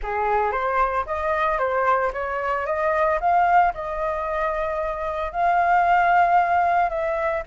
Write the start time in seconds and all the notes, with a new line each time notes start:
0.02 G#4
0.51 C5
1.06 D#5
1.58 C5
2.12 C#5
2.65 D#5
3.20 F5
3.74 D#5
5.32 F5
6.89 E5